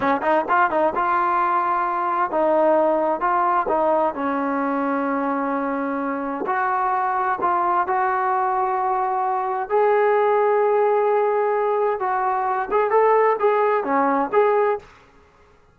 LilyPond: \new Staff \with { instrumentName = "trombone" } { \time 4/4 \tempo 4 = 130 cis'8 dis'8 f'8 dis'8 f'2~ | f'4 dis'2 f'4 | dis'4 cis'2.~ | cis'2 fis'2 |
f'4 fis'2.~ | fis'4 gis'2.~ | gis'2 fis'4. gis'8 | a'4 gis'4 cis'4 gis'4 | }